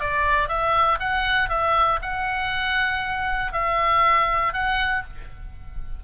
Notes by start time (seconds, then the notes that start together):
0.00 D5
0.48 E5
0.99 F#5
1.49 E5
2.02 F#5
3.52 E5
4.53 F#5